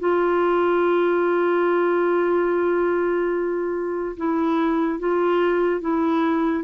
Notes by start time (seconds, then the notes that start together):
0.00 F4
4.17 E4
5.00 F4
5.81 E4